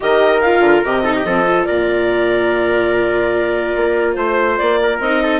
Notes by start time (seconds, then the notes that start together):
0.00 D#3 G4 A#4 D#5
0.41 F4 F5
0.59 D3
0.84 C3 G4 D#5
1.03 D#4 A4
1.15 G4
1.24 F3 C4 A4
1.46 F4
1.64 A#2 A#4 D5
3.76 A#3
4.13 A3 C5
4.57 A#3 D5
4.82 A#4
4.99 C4 D#4 D#5
5.22 A4